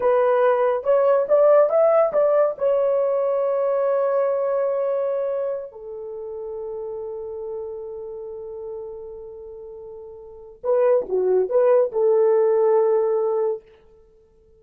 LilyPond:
\new Staff \with { instrumentName = "horn" } { \time 4/4 \tempo 4 = 141 b'2 cis''4 d''4 | e''4 d''4 cis''2~ | cis''1~ | cis''4. a'2~ a'8~ |
a'1~ | a'1~ | a'4 b'4 fis'4 b'4 | a'1 | }